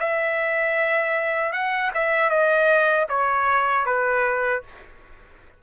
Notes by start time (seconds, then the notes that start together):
0.00 E5
1.53 F#5
1.94 E5
2.30 D#5
3.09 C#5
3.86 B4